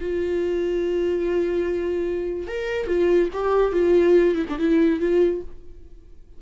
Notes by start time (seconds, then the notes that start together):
0.00 F4
2.47 A#4
2.87 F4
3.33 G4
3.72 F4
4.35 E4
4.49 D4
4.58 E4
5.00 F4